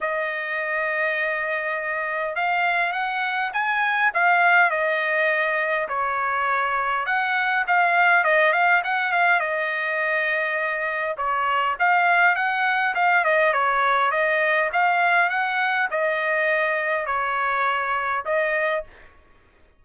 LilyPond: \new Staff \with { instrumentName = "trumpet" } { \time 4/4 \tempo 4 = 102 dis''1 | f''4 fis''4 gis''4 f''4 | dis''2 cis''2 | fis''4 f''4 dis''8 f''8 fis''8 f''8 |
dis''2. cis''4 | f''4 fis''4 f''8 dis''8 cis''4 | dis''4 f''4 fis''4 dis''4~ | dis''4 cis''2 dis''4 | }